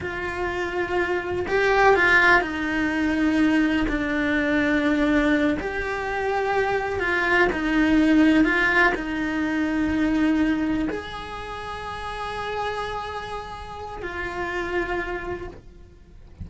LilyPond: \new Staff \with { instrumentName = "cello" } { \time 4/4 \tempo 4 = 124 f'2. g'4 | f'4 dis'2. | d'2.~ d'8 g'8~ | g'2~ g'8 f'4 dis'8~ |
dis'4. f'4 dis'4.~ | dis'2~ dis'8 gis'4.~ | gis'1~ | gis'4 f'2. | }